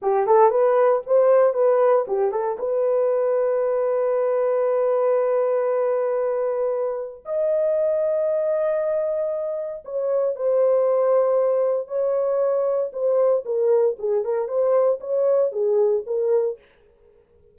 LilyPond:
\new Staff \with { instrumentName = "horn" } { \time 4/4 \tempo 4 = 116 g'8 a'8 b'4 c''4 b'4 | g'8 a'8 b'2.~ | b'1~ | b'2 dis''2~ |
dis''2. cis''4 | c''2. cis''4~ | cis''4 c''4 ais'4 gis'8 ais'8 | c''4 cis''4 gis'4 ais'4 | }